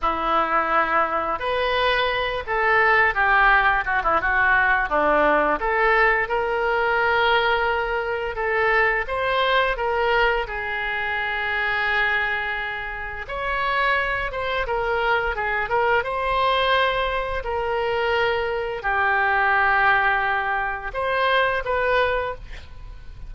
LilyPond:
\new Staff \with { instrumentName = "oboe" } { \time 4/4 \tempo 4 = 86 e'2 b'4. a'8~ | a'8 g'4 fis'16 e'16 fis'4 d'4 | a'4 ais'2. | a'4 c''4 ais'4 gis'4~ |
gis'2. cis''4~ | cis''8 c''8 ais'4 gis'8 ais'8 c''4~ | c''4 ais'2 g'4~ | g'2 c''4 b'4 | }